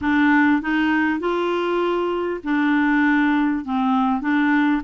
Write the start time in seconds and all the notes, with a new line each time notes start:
0.01 D4
0.61 D#4
1.19 F4
2.43 D4
3.64 C4
4.21 D4